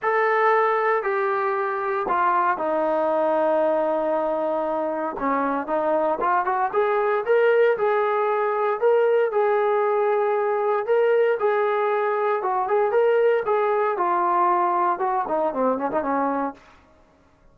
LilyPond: \new Staff \with { instrumentName = "trombone" } { \time 4/4 \tempo 4 = 116 a'2 g'2 | f'4 dis'2.~ | dis'2 cis'4 dis'4 | f'8 fis'8 gis'4 ais'4 gis'4~ |
gis'4 ais'4 gis'2~ | gis'4 ais'4 gis'2 | fis'8 gis'8 ais'4 gis'4 f'4~ | f'4 fis'8 dis'8 c'8 cis'16 dis'16 cis'4 | }